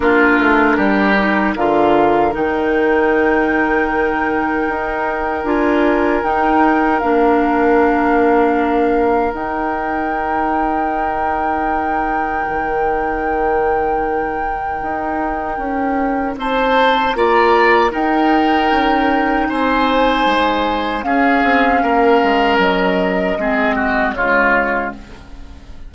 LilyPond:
<<
  \new Staff \with { instrumentName = "flute" } { \time 4/4 \tempo 4 = 77 ais'2 f''4 g''4~ | g''2. gis''4 | g''4 f''2. | g''1~ |
g''1~ | g''4 a''4 ais''4 g''4~ | g''4 gis''2 f''4~ | f''4 dis''2 cis''4 | }
  \new Staff \with { instrumentName = "oboe" } { \time 4/4 f'4 g'4 ais'2~ | ais'1~ | ais'1~ | ais'1~ |
ais'1~ | ais'4 c''4 d''4 ais'4~ | ais'4 c''2 gis'4 | ais'2 gis'8 fis'8 f'4 | }
  \new Staff \with { instrumentName = "clarinet" } { \time 4/4 d'4. dis'8 f'4 dis'4~ | dis'2. f'4 | dis'4 d'2. | dis'1~ |
dis'1~ | dis'2 f'4 dis'4~ | dis'2. cis'4~ | cis'2 c'4 gis4 | }
  \new Staff \with { instrumentName = "bassoon" } { \time 4/4 ais8 a8 g4 d4 dis4~ | dis2 dis'4 d'4 | dis'4 ais2. | dis'1 |
dis2. dis'4 | cis'4 c'4 ais4 dis'4 | cis'4 c'4 gis4 cis'8 c'8 | ais8 gis8 fis4 gis4 cis4 | }
>>